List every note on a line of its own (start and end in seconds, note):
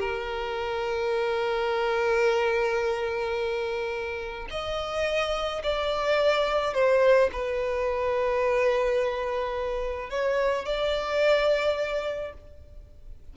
0.00 4.49 A#4
4.51 5.63 D#5
5.64 6.74 D5
6.74 7.30 C5
7.33 10.11 B4
10.11 10.65 C#5
10.65 12.34 D5